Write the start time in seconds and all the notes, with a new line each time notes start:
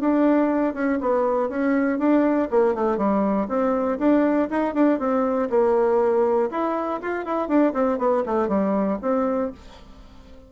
0.00 D4
0.74 C#4
1.00 B3
1.49 C#4
1.99 D4
2.50 A#3
2.75 A3
2.97 G3
3.48 C4
3.99 D4
4.50 D#4
4.74 D4
4.99 C4
5.50 A#3
6.51 E4
7.01 F4
7.25 E4
7.48 D4
7.73 C4
7.98 B3
8.26 A3
8.48 G3
9.02 C4